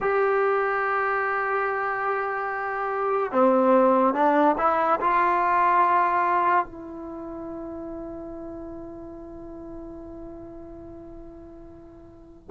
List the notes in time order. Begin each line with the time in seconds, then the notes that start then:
0.00 G4
3.32 C4
4.14 D4
4.58 E4
5.00 F4
6.65 E4